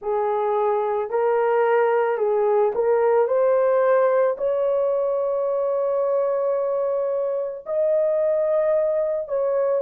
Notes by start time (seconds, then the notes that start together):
0.01 G#4
1.10 A#4
2.17 G#4
2.74 A#4
3.27 C5
4.37 C#5
7.66 D#5
9.28 C#5